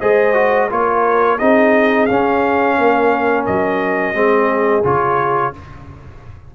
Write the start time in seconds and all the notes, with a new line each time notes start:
0.00 G#3 G#4 C5 D#5
0.34 F#4
0.70 A#3 F4 A#4 C#5
1.38 C4 D#4 G#4 D#5
2.06 C#4 F5
2.78 A#3 A#4
3.46 F#3 D#5
4.14 G#3 C4 G#4
4.84 C#3 F4 C#5